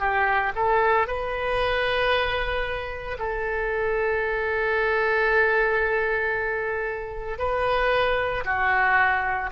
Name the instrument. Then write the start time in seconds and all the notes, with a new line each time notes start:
oboe
0.00 G4
0.56 A4
1.08 B4
3.19 A4
7.39 B4
8.45 F#4